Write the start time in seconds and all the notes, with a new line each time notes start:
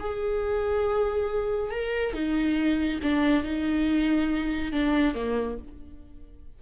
0.00 G#4
1.71 A#4
2.14 D#4
3.03 D4
3.44 D#4
4.72 D4
5.15 A#3